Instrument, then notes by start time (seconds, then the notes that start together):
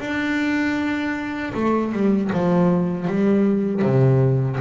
double bass
0.00 D4
1.55 A3
1.93 G3
2.33 F3
3.08 G3
3.83 C3